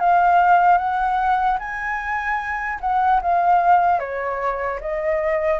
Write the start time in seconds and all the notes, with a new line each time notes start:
0.00 F5
0.78 F#5
1.59 G#5
2.81 F#5
3.22 F5
4.00 C#5
4.81 D#5